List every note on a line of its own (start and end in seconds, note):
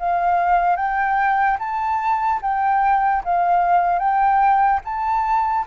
0.00 0.77 F5
0.77 1.58 G5
1.60 2.41 A5
2.42 3.23 G5
3.25 4.00 F5
4.00 4.81 G5
4.85 5.66 A5